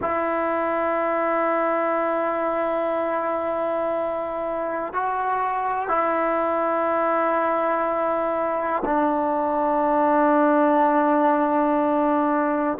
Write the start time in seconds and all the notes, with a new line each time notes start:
0.01 E4
4.93 F#4
5.88 E4
8.84 D4